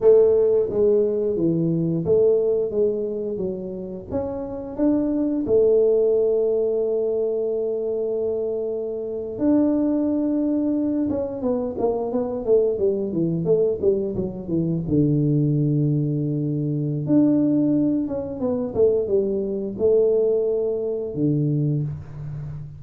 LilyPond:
\new Staff \with { instrumentName = "tuba" } { \time 4/4 \tempo 4 = 88 a4 gis4 e4 a4 | gis4 fis4 cis'4 d'4 | a1~ | a4.~ a16 d'2~ d'16~ |
d'16 cis'8 b8 ais8 b8 a8 g8 e8 a16~ | a16 g8 fis8 e8 d2~ d16~ | d4 d'4. cis'8 b8 a8 | g4 a2 d4 | }